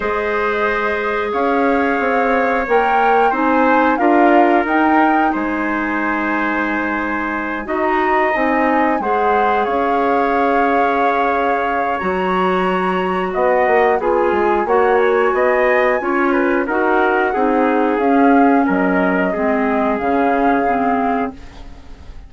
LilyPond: <<
  \new Staff \with { instrumentName = "flute" } { \time 4/4 \tempo 4 = 90 dis''2 f''2 | g''4 gis''4 f''4 g''4 | gis''2.~ gis''8 ais''8~ | ais''8 gis''4 fis''4 f''4.~ |
f''2 ais''2 | fis''4 gis''4 fis''8 gis''4.~ | gis''4 fis''2 f''4 | dis''2 f''2 | }
  \new Staff \with { instrumentName = "trumpet" } { \time 4/4 c''2 cis''2~ | cis''4 c''4 ais'2 | c''2.~ c''8 dis''8~ | dis''4. c''4 cis''4.~ |
cis''1 | dis''4 gis'4 cis''4 dis''4 | cis''8 b'8 ais'4 gis'2 | ais'4 gis'2. | }
  \new Staff \with { instrumentName = "clarinet" } { \time 4/4 gis'1 | ais'4 dis'4 f'4 dis'4~ | dis'2.~ dis'8 fis'8~ | fis'8 dis'4 gis'2~ gis'8~ |
gis'2 fis'2~ | fis'4 f'4 fis'2 | f'4 fis'4 dis'4 cis'4~ | cis'4 c'4 cis'4 c'4 | }
  \new Staff \with { instrumentName = "bassoon" } { \time 4/4 gis2 cis'4 c'4 | ais4 c'4 d'4 dis'4 | gis2.~ gis8 dis'8~ | dis'8 c'4 gis4 cis'4.~ |
cis'2 fis2 | b8 ais8 b8 gis8 ais4 b4 | cis'4 dis'4 c'4 cis'4 | fis4 gis4 cis2 | }
>>